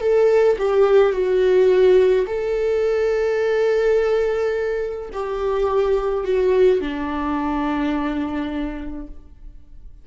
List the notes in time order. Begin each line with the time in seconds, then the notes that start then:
0.00 A4
0.58 G4
1.12 F#4
2.26 A4
5.13 G4
6.24 F#4
6.80 D4